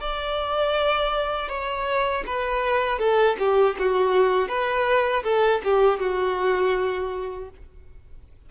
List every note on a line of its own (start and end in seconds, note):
0.00 1.49 D5
1.49 2.24 C#5
2.26 2.99 B4
2.99 3.36 A4
3.39 3.76 G4
3.79 4.48 F#4
4.48 5.23 B4
5.23 5.61 A4
5.64 5.99 G4
5.99 7.49 F#4